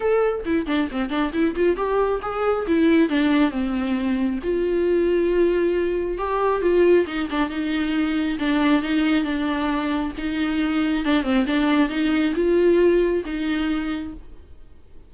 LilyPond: \new Staff \with { instrumentName = "viola" } { \time 4/4 \tempo 4 = 136 a'4 e'8 d'8 c'8 d'8 e'8 f'8 | g'4 gis'4 e'4 d'4 | c'2 f'2~ | f'2 g'4 f'4 |
dis'8 d'8 dis'2 d'4 | dis'4 d'2 dis'4~ | dis'4 d'8 c'8 d'4 dis'4 | f'2 dis'2 | }